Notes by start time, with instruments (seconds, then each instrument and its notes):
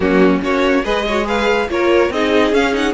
0.00 cello F#3, viola A#3, violin C#4 F#4
0.41 cello A#3, viola C#4, violin F#4 C#5
0.84 cello G#3, viola G#4, violin B4 D#5
1.06 viola F#4, violin C#5
1.24 viola G#4, violin B4 F5
1.69 cello A#3, viola F4, violin A#4 C#5
2.10 cello C4, viola D#4, violin G#4 D#5
2.52 cello C#4, viola C#4, violin F5
2.73 viola D#4, violin F#5